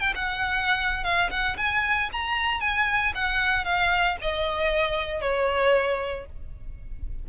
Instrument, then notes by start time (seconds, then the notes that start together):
violin
0.00 G5
0.15 F#5
1.04 F5
1.30 F#5
1.57 G#5
2.12 A#5
2.61 G#5
3.15 F#5
3.65 F5
4.21 D#5
5.21 C#5